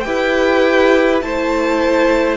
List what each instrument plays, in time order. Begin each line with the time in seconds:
0.00 cello E4, viola G4, violin G5
0.06 violin B4
1.21 cello A3, viola E4, violin C5 A5